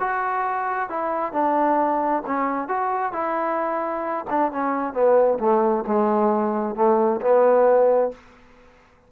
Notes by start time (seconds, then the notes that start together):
0.00 F#4
0.90 E4
1.33 D4
2.27 C#4
2.69 F#4
3.13 E4
4.30 D4
4.52 C#4
4.94 B3
5.40 A3
5.87 G#3
6.76 A3
7.22 B3